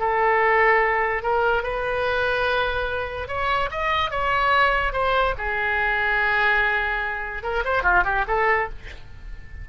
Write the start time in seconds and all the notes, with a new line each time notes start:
0.00 A4
1.23 A#4
1.64 B4
3.28 C#5
3.71 D#5
4.11 C#5
4.93 C5
5.38 G#4
7.44 A#4
7.65 C5
7.84 F4
8.05 G4
8.28 A4